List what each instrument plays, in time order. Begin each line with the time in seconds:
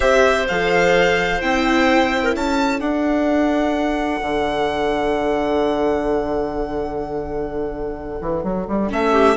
0.00 bassoon C4, viola G4, clarinet C5, violin E5
0.47 bassoon F3, viola A4, violin F5
1.40 bassoon C4, viola E4, violin G5
2.23 clarinet A#4
2.33 bassoon C#4, clarinet A4, violin A5
2.80 viola D4, bassoon D4, violin F#5
4.21 bassoon D3
8.20 bassoon E3
8.43 bassoon F#3
8.67 bassoon G3
8.89 bassoon A3, viola C#4, violin E5
9.11 clarinet G4